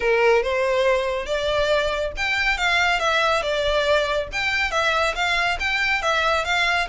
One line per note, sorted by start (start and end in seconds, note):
0.00 0.42 A#4
0.42 1.26 C5
1.26 2.11 D5
2.16 2.57 G5
2.57 2.99 F5
2.99 3.42 E5
3.42 4.28 D5
4.32 4.71 G5
4.71 5.14 E5
5.15 5.58 F5
5.59 6.02 G5
6.02 6.44 E5
6.44 6.87 F5